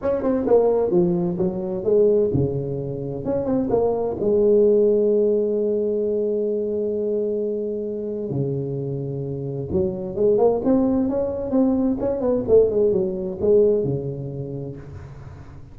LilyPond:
\new Staff \with { instrumentName = "tuba" } { \time 4/4 \tempo 4 = 130 cis'8 c'8 ais4 f4 fis4 | gis4 cis2 cis'8 c'8 | ais4 gis2.~ | gis1~ |
gis2 cis2~ | cis4 fis4 gis8 ais8 c'4 | cis'4 c'4 cis'8 b8 a8 gis8 | fis4 gis4 cis2 | }